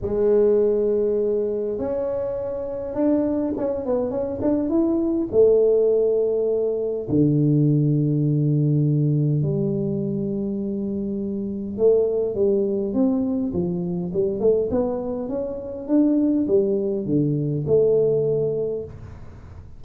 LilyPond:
\new Staff \with { instrumentName = "tuba" } { \time 4/4 \tempo 4 = 102 gis2. cis'4~ | cis'4 d'4 cis'8 b8 cis'8 d'8 | e'4 a2. | d1 |
g1 | a4 g4 c'4 f4 | g8 a8 b4 cis'4 d'4 | g4 d4 a2 | }